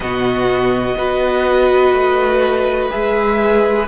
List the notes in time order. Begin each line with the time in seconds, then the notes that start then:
0.00 B2 B3 F#4 D#5
0.97 B3 F#4 B4
1.93 A3
2.89 G#3 G#4 E5